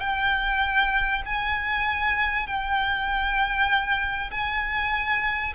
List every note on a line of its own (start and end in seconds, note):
0.00 1.22 G5
1.26 2.47 G#5
2.47 4.30 G5
4.31 5.53 G#5